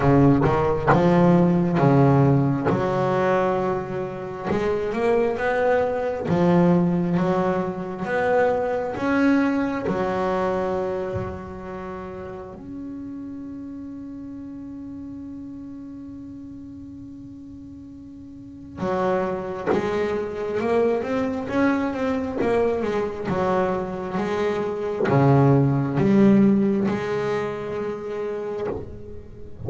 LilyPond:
\new Staff \with { instrumentName = "double bass" } { \time 4/4 \tempo 4 = 67 cis8 dis8 f4 cis4 fis4~ | fis4 gis8 ais8 b4 f4 | fis4 b4 cis'4 fis4~ | fis2 cis'2~ |
cis'1~ | cis'4 fis4 gis4 ais8 c'8 | cis'8 c'8 ais8 gis8 fis4 gis4 | cis4 g4 gis2 | }